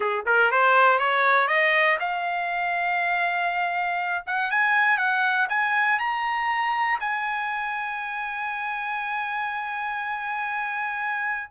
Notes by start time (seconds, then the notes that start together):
0.00 G#4
0.26 A#4
0.51 C5
0.99 C#5
1.47 D#5
1.99 F5
4.26 F#5
4.50 G#5
4.97 F#5
5.49 G#5
5.99 A#5
7.00 G#5